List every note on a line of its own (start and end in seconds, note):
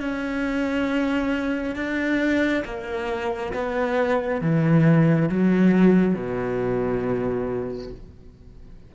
0.00 1.76 C#4
1.76 2.64 D4
2.65 3.53 A#3
3.53 4.42 B3
4.42 5.29 E3
5.29 6.15 F#3
6.15 7.92 B2